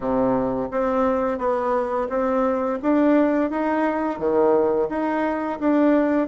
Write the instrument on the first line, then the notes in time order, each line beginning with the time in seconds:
bassoon
0.00 C3
0.71 C4
1.38 B3
2.09 C4
2.82 D4
3.50 D#4
4.18 D#3
4.89 D#4
5.59 D4